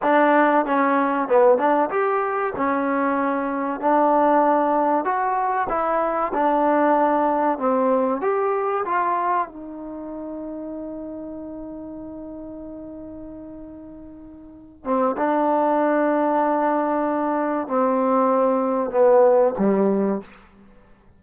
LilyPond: \new Staff \with { instrumentName = "trombone" } { \time 4/4 \tempo 4 = 95 d'4 cis'4 b8 d'8 g'4 | cis'2 d'2 | fis'4 e'4 d'2 | c'4 g'4 f'4 dis'4~ |
dis'1~ | dis'2.~ dis'8 c'8 | d'1 | c'2 b4 g4 | }